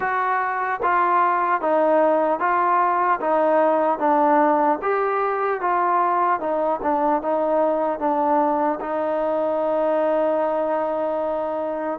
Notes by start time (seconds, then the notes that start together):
0.00 F#4
0.82 F4
1.61 D#4
2.39 F4
3.20 D#4
3.99 D4
4.81 G4
5.60 F4
6.40 D#4
6.82 D4
7.21 D#4
7.99 D4
8.80 D#4